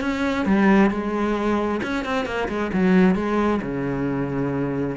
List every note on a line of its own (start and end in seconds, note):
0.00 0.45 C#4
0.45 0.90 G3
0.90 1.80 G#3
1.82 2.04 C#4
2.04 2.25 C4
2.25 2.48 A#3
2.48 2.70 G#3
2.73 3.15 F#3
3.15 3.60 G#3
3.62 4.96 C#3